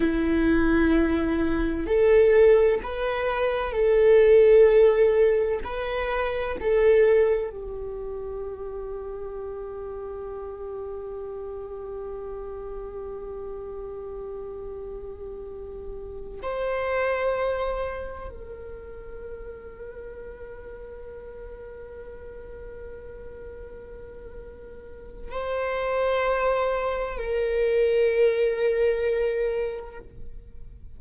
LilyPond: \new Staff \with { instrumentName = "viola" } { \time 4/4 \tempo 4 = 64 e'2 a'4 b'4 | a'2 b'4 a'4 | g'1~ | g'1~ |
g'4. c''2 ais'8~ | ais'1~ | ais'2. c''4~ | c''4 ais'2. | }